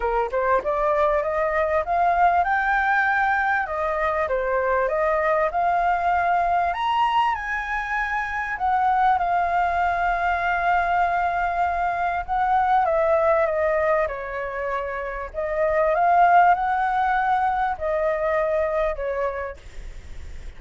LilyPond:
\new Staff \with { instrumentName = "flute" } { \time 4/4 \tempo 4 = 98 ais'8 c''8 d''4 dis''4 f''4 | g''2 dis''4 c''4 | dis''4 f''2 ais''4 | gis''2 fis''4 f''4~ |
f''1 | fis''4 e''4 dis''4 cis''4~ | cis''4 dis''4 f''4 fis''4~ | fis''4 dis''2 cis''4 | }